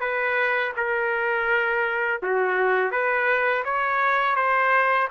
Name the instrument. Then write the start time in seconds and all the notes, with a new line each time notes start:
trumpet
0.00 B4
0.76 A#4
2.22 F#4
2.91 B4
3.64 C#5
4.35 C5